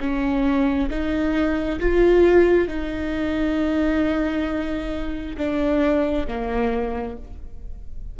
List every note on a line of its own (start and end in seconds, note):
0.00 0.90 C#4
0.90 1.80 D#4
1.80 2.68 F4
2.68 5.36 D#4
5.38 6.27 D4
6.28 7.17 A#3